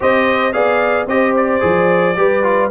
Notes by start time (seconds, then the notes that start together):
0.00 C4 G4 C5 D#5
0.52 B3 G#4 D5 F5
1.06 C4 G4 C5 D#5
1.36 D5
1.60 F3 G#4
2.16 G3 G4 B4
2.43 F4